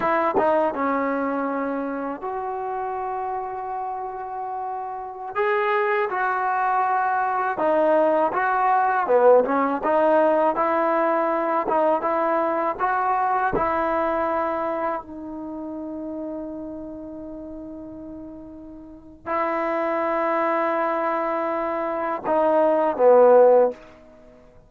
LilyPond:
\new Staff \with { instrumentName = "trombone" } { \time 4/4 \tempo 4 = 81 e'8 dis'8 cis'2 fis'4~ | fis'2.~ fis'16 gis'8.~ | gis'16 fis'2 dis'4 fis'8.~ | fis'16 b8 cis'8 dis'4 e'4. dis'16~ |
dis'16 e'4 fis'4 e'4.~ e'16~ | e'16 dis'2.~ dis'8.~ | dis'2 e'2~ | e'2 dis'4 b4 | }